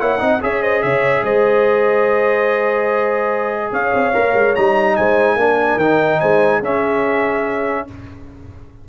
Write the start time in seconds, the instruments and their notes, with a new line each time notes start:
0.00 tuba A#3, trombone E4, horn C#5, trumpet F#5
0.19 tuba C4, trombone D#4, horn D#5
0.41 tuba C#4, trombone G#4, horn C#5, trumpet E5
0.62 horn C5, trumpet D#5
0.82 tuba C#3, horn C#5, trumpet E5
1.22 tuba G#3, horn C5, trumpet D#5
3.72 tuba C#4, horn C#5, trumpet F5
3.93 tuba C4
4.14 tuba A#3, trombone A#4
4.34 tuba G#3
4.55 tuba G3, trombone D#4, trumpet A#5
4.96 tuba G#3, horn C5, trumpet G#5
5.36 tuba A#3, trombone D4, horn A#4
5.76 tuba D#3, trombone D#4, trumpet G5
6.20 tuba G#3, horn C5, trumpet G#5
6.60 tuba C#4, trombone C#4, horn G#4, trumpet E5